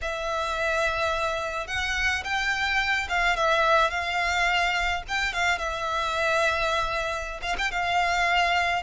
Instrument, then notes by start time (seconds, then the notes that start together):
violin
0.01 E5
1.67 F#5
2.24 G5
3.08 F5
3.36 E5
3.90 F5
5.07 G5
5.33 F5
5.58 E5
7.42 F5
7.58 G5
7.71 F5